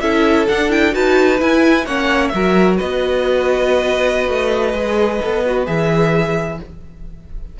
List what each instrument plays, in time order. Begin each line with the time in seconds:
0.00 cello C#4, viola E4, violin A4 E5
0.48 viola D4, cello D4, violin F#5
0.70 viola E4, violin G5
0.92 cello D#4, viola F#4, violin B4 A5
1.40 viola E4, cello E4, violin G#5
1.86 cello A#3, viola C#4, violin C#5 F#5
2.28 cello F#3, viola F#4, violin E5
2.35 violin A#4
2.77 cello B3, violin B4 D#5
4.29 cello A3
4.73 cello G#3, viola G#4
5.22 cello B3, viola A4
5.46 viola F#4
5.66 cello E3, viola G#4, violin E5